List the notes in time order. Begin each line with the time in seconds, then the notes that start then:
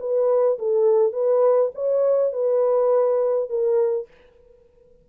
0.00 B4
0.59 A4
1.13 B4
1.75 C#5
2.33 B4
3.50 A#4